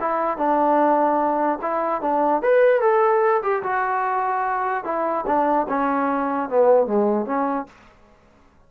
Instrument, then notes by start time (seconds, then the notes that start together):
trombone
0.00 E4
0.37 D4
1.62 E4
2.01 D4
2.42 B4
2.81 A4
3.42 G4
3.63 F#4
4.84 E4
5.26 D4
5.68 C#4
6.49 B3
6.86 G#3
7.26 C#4